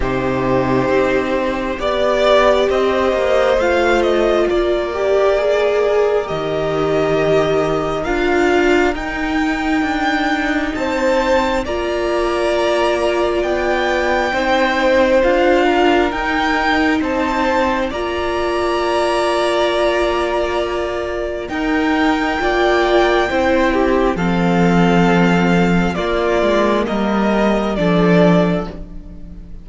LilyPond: <<
  \new Staff \with { instrumentName = "violin" } { \time 4/4 \tempo 4 = 67 c''2 d''4 dis''4 | f''8 dis''8 d''2 dis''4~ | dis''4 f''4 g''2 | a''4 ais''2 g''4~ |
g''4 f''4 g''4 a''4 | ais''1 | g''2. f''4~ | f''4 d''4 dis''4 d''4 | }
  \new Staff \with { instrumentName = "violin" } { \time 4/4 g'2 d''4 c''4~ | c''4 ais'2.~ | ais'1 | c''4 d''2. |
c''4. ais'4. c''4 | d''1 | ais'4 d''4 c''8 g'8 a'4~ | a'4 f'4 ais'4 a'4 | }
  \new Staff \with { instrumentName = "viola" } { \time 4/4 dis'2 g'2 | f'4. g'8 gis'4 g'4~ | g'4 f'4 dis'2~ | dis'4 f'2. |
dis'4 f'4 dis'2 | f'1 | dis'4 f'4 e'4 c'4~ | c'4 ais2 d'4 | }
  \new Staff \with { instrumentName = "cello" } { \time 4/4 c4 c'4 b4 c'8 ais8 | a4 ais2 dis4~ | dis4 d'4 dis'4 d'4 | c'4 ais2 b4 |
c'4 d'4 dis'4 c'4 | ais1 | dis'4 ais4 c'4 f4~ | f4 ais8 gis8 g4 f4 | }
>>